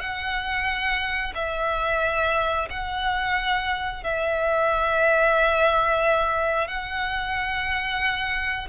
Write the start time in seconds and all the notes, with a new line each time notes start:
0.00 F#5
1.35 E5
2.70 F#5
4.04 E5
6.68 F#5